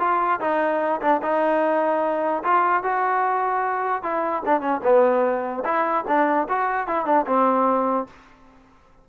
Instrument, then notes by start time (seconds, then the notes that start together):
trombone
0.00 F4
0.41 D#4
1.01 D4
1.23 D#4
2.44 F4
2.84 F#4
4.03 E4
4.46 D4
4.61 C#4
4.84 B3
5.65 E4
6.08 D4
6.49 F#4
6.87 E4
7.06 D4
7.27 C4